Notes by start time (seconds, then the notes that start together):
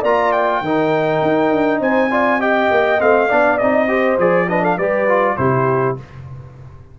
0.00 A#3 F4 D5 A#5
0.32 G5
0.61 D#3 D#4 A#4
1.22 D#4
1.50 D4
1.80 C4 C5 G#5
2.10 F4 D5
2.39 G4 D#5 G5
2.70 A#3
2.99 A3 C4 F5
3.28 B3 D4 D5
3.58 C4 D#4 D#5
3.88 G4 C5
4.18 F3 G#4 D5
4.48 D4 B4 D#5
4.62 A4 F5
4.77 G3 G4 B4 D5
5.08 F4
5.36 C3 E4 G4 C5